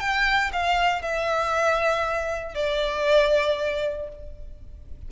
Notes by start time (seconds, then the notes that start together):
0.00 G5
0.53 F5
1.02 E5
2.55 D5